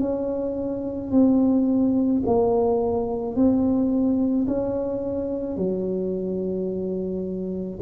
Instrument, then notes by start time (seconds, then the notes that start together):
tuba
0.00 C#4
1.11 C4
2.26 A#3
3.35 C4
4.47 C#4
5.57 F#3